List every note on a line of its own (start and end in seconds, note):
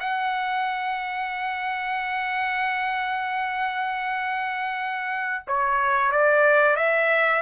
0.00 5.44 F#5
5.48 6.12 C#5
6.12 6.77 D5
6.77 7.42 E5